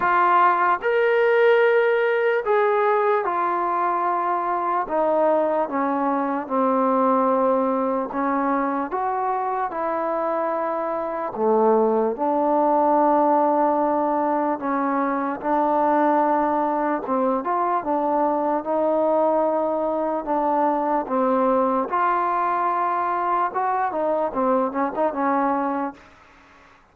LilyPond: \new Staff \with { instrumentName = "trombone" } { \time 4/4 \tempo 4 = 74 f'4 ais'2 gis'4 | f'2 dis'4 cis'4 | c'2 cis'4 fis'4 | e'2 a4 d'4~ |
d'2 cis'4 d'4~ | d'4 c'8 f'8 d'4 dis'4~ | dis'4 d'4 c'4 f'4~ | f'4 fis'8 dis'8 c'8 cis'16 dis'16 cis'4 | }